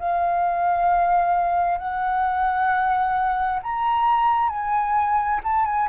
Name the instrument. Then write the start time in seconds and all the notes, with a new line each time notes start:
flute
0.00 F5
1.79 F#5
3.63 A#5
4.50 G#5
5.44 A5
5.66 G#5